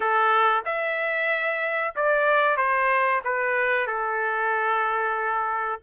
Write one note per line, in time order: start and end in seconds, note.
0.00 0.63 A4
0.65 1.94 E5
1.95 2.56 D5
2.56 3.21 C5
3.24 3.86 B4
3.86 5.80 A4